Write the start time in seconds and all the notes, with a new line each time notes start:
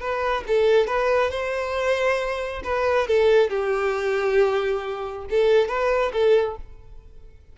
0.00 B4
0.47 A4
0.87 B4
1.31 C5
2.64 B4
3.08 A4
3.50 G4
5.30 A4
5.68 B4
6.13 A4